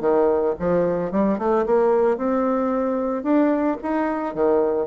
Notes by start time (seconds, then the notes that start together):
0.00 D#3
0.59 F3
1.11 G3
1.38 A3
1.66 A#3
2.17 C4
3.23 D4
3.82 D#4
4.34 D#3